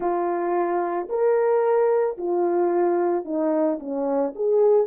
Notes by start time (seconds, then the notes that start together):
0.00 F4
1.09 A#4
2.17 F4
3.24 D#4
3.79 C#4
4.35 G#4